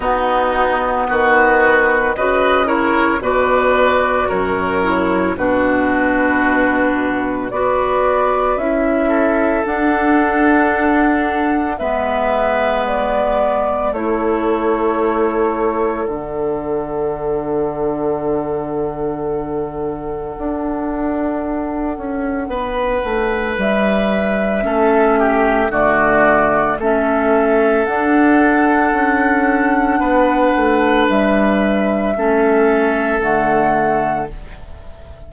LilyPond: <<
  \new Staff \with { instrumentName = "flute" } { \time 4/4 \tempo 4 = 56 fis'4 b'4 dis''8 cis''8 d''4 | cis''4 b'2 d''4 | e''4 fis''2 e''4 | d''4 cis''2 fis''4~ |
fis''1~ | fis''2 e''2 | d''4 e''4 fis''2~ | fis''4 e''2 fis''4 | }
  \new Staff \with { instrumentName = "oboe" } { \time 4/4 dis'4 fis'4 b'8 ais'8 b'4 | ais'4 fis'2 b'4~ | b'8 a'2~ a'8 b'4~ | b'4 a'2.~ |
a'1~ | a'4 b'2 a'8 g'8 | fis'4 a'2. | b'2 a'2 | }
  \new Staff \with { instrumentName = "clarinet" } { \time 4/4 b2 fis'8 e'8 fis'4~ | fis'8 e'8 d'2 fis'4 | e'4 d'2 b4~ | b4 e'2 d'4~ |
d'1~ | d'2. cis'4 | a4 cis'4 d'2~ | d'2 cis'4 a4 | }
  \new Staff \with { instrumentName = "bassoon" } { \time 4/4 b4 dis4 cis4 b,4 | fis,4 b,2 b4 | cis'4 d'2 gis4~ | gis4 a2 d4~ |
d2. d'4~ | d'8 cis'8 b8 a8 g4 a4 | d4 a4 d'4 cis'4 | b8 a8 g4 a4 d4 | }
>>